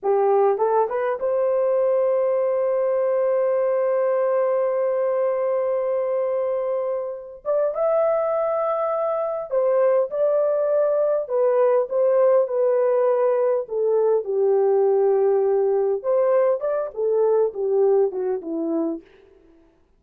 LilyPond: \new Staff \with { instrumentName = "horn" } { \time 4/4 \tempo 4 = 101 g'4 a'8 b'8 c''2~ | c''1~ | c''1~ | c''8 d''8 e''2. |
c''4 d''2 b'4 | c''4 b'2 a'4 | g'2. c''4 | d''8 a'4 g'4 fis'8 e'4 | }